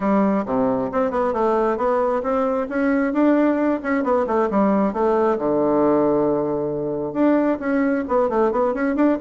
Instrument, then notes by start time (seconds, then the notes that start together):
bassoon
0.00 G3
0.45 C3
0.91 C4
1.11 B3
1.33 A3
1.77 B3
2.22 C4
2.69 C#4
3.13 D4
3.82 C#4
4.03 B3
4.26 A3
4.50 G3
4.93 A3
5.38 D3
7.13 D4
7.59 C#4
8.08 B3
8.29 A3
8.51 B3
8.74 C#4
8.95 D4